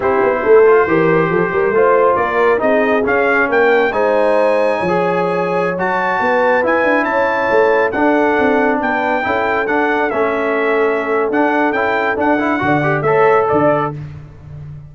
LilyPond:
<<
  \new Staff \with { instrumentName = "trumpet" } { \time 4/4 \tempo 4 = 138 c''1~ | c''4 d''4 dis''4 f''4 | g''4 gis''2.~ | gis''4~ gis''16 a''2 gis''8.~ |
gis''16 a''2 fis''4.~ fis''16~ | fis''16 g''2 fis''4 e''8.~ | e''2 fis''4 g''4 | fis''2 e''4 d''4 | }
  \new Staff \with { instrumentName = "horn" } { \time 4/4 g'4 a'4 ais'4 a'8 ais'8 | c''4 ais'4 gis'2 | ais'4 c''2 cis''4~ | cis''2~ cis''16 b'4.~ b'16~ |
b'16 cis''2 a'4.~ a'16~ | a'16 b'4 a'2~ a'8.~ | a'1~ | a'4 d''4 cis''4 d''4 | }
  \new Staff \with { instrumentName = "trombone" } { \time 4/4 e'4. f'8 g'2 | f'2 dis'4 cis'4~ | cis'4 dis'2~ dis'16 gis'8.~ | gis'4~ gis'16 fis'2 e'8.~ |
e'2~ e'16 d'4.~ d'16~ | d'4~ d'16 e'4 d'4 cis'8.~ | cis'2 d'4 e'4 | d'8 e'8 fis'8 g'8 a'2 | }
  \new Staff \with { instrumentName = "tuba" } { \time 4/4 c'8 b8 a4 e4 f8 g8 | a4 ais4 c'4 cis'4 | ais4 gis2 f4~ | f4~ f16 fis4 b4 e'8 d'16~ |
d'16 cis'4 a4 d'4 c'8.~ | c'16 b4 cis'4 d'4 a8.~ | a2 d'4 cis'4 | d'4 d4 a4 d4 | }
>>